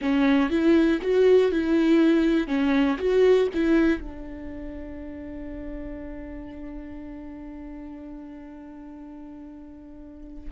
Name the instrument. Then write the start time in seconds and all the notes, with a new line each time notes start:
viola
0.01 C#4
0.50 E4
1.01 F#4
1.51 E4
2.48 C#4
2.97 F#4
3.54 E4
4.00 D4